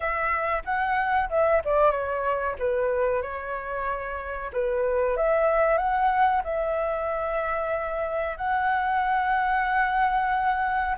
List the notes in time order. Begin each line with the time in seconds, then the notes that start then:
0.00 E5
0.64 F#5
1.29 E5
1.65 D5
1.91 C#5
2.58 B4
3.22 C#5
4.52 B4
5.16 E5
5.77 F#5
6.43 E5
8.37 F#5